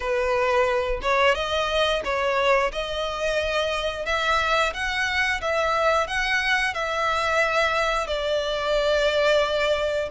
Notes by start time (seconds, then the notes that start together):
0.00 B4
1.01 C#5
1.35 D#5
2.04 C#5
2.72 D#5
4.05 E5
4.73 F#5
5.41 E5
6.07 F#5
6.74 E5
8.07 D5